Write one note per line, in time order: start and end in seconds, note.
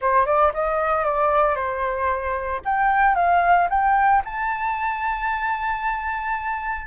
0.01 0.25 C5
0.25 0.52 D5
0.53 1.05 D#5
1.05 1.55 D5
1.55 2.61 C5
2.64 3.15 G5
3.15 3.67 F5
3.69 4.22 G5
4.24 6.86 A5